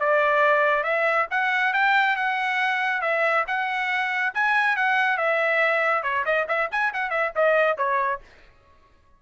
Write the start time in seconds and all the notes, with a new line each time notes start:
0.00 D5
0.84 E5
1.31 F#5
1.74 G5
2.16 F#5
3.02 E5
3.47 F#5
4.34 G#5
4.76 F#5
5.17 E5
6.03 C#5
6.25 D#5
6.48 E5
6.71 G#5
6.93 F#5
7.10 E5
7.35 D#5
7.78 C#5